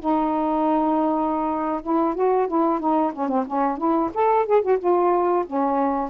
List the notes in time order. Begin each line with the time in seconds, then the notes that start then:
0.00 D#4
1.83 E4
2.15 F#4
2.48 E4
2.80 D#4
3.13 C#4
3.28 C4
3.47 C#4
3.78 E4
4.14 A4
4.46 G#4
4.62 F#4
4.79 F4
5.47 C#4